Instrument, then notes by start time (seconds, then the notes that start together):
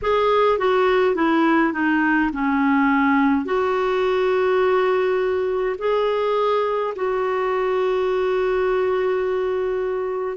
clarinet
0.02 G#4
0.58 F#4
1.15 E4
1.73 D#4
2.32 C#4
3.45 F#4
5.78 G#4
6.95 F#4